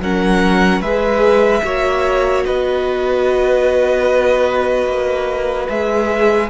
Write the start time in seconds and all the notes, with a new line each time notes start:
0.00 F#3 C#4 A#4 F#5
0.80 G#3 G#4 B4 E5
1.63 A#3 F#4 C#5
2.45 B3 B4 D#5
4.87 A#3
5.69 G#3 G#4 E5